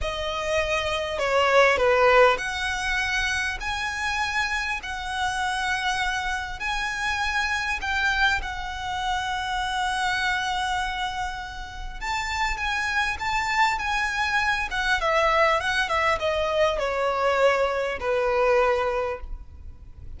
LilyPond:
\new Staff \with { instrumentName = "violin" } { \time 4/4 \tempo 4 = 100 dis''2 cis''4 b'4 | fis''2 gis''2 | fis''2. gis''4~ | gis''4 g''4 fis''2~ |
fis''1 | a''4 gis''4 a''4 gis''4~ | gis''8 fis''8 e''4 fis''8 e''8 dis''4 | cis''2 b'2 | }